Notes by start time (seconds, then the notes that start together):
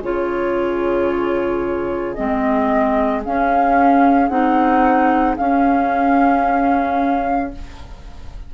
0.00 C#3 F4 G#4 C#5
2.14 G#3 C4 D#5
3.25 C#4 F5
4.28 C4 D#4 F#5
5.36 C#4 F5